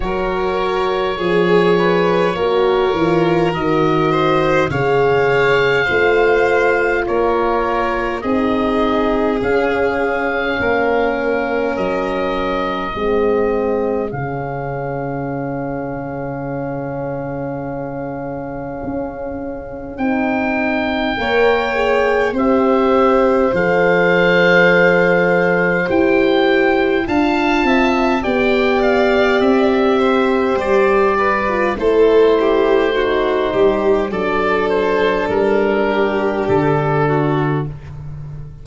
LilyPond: <<
  \new Staff \with { instrumentName = "oboe" } { \time 4/4 \tempo 4 = 51 cis''2. dis''4 | f''2 cis''4 dis''4 | f''2 dis''2 | f''1~ |
f''4 g''2 e''4 | f''2 g''4 a''4 | g''8 f''8 e''4 d''4 c''4~ | c''4 d''8 c''8 ais'4 a'4 | }
  \new Staff \with { instrumentName = "violin" } { \time 4/4 ais'4 gis'8 b'8 ais'4. c''8 | cis''4 c''4 ais'4 gis'4~ | gis'4 ais'2 gis'4~ | gis'1~ |
gis'2 cis''4 c''4~ | c''2. f''8 e''8 | d''4. c''4 b'8 a'8 g'8 | fis'8 g'8 a'4. g'4 fis'8 | }
  \new Staff \with { instrumentName = "horn" } { \time 4/4 fis'4 gis'4 fis'8 f'8 fis'4 | gis'4 f'2 dis'4 | cis'2. c'4 | cis'1~ |
cis'4 dis'4 ais'8 gis'8 g'4 | a'2 g'4 f'4 | g'2~ g'8. f'16 e'4 | dis'4 d'2. | }
  \new Staff \with { instrumentName = "tuba" } { \time 4/4 fis4 f4 ais8 e8 dis4 | cis4 a4 ais4 c'4 | cis'4 ais4 fis4 gis4 | cis1 |
cis'4 c'4 ais4 c'4 | f2 e'4 d'8 c'8 | b4 c'4 g4 a4~ | a8 g8 fis4 g4 d4 | }
>>